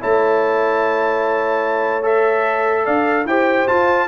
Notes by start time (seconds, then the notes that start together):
0.00 A3 E4 C#5 A5
2.03 A4 E5
2.84 D4 D5 F5
3.25 E4 G4 C5 G5
3.68 F4 A5